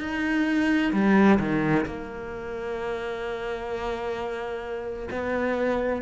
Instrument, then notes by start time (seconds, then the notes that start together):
cello
0.00 D#4
0.93 G3
1.39 D#3
1.85 A#3
5.11 B3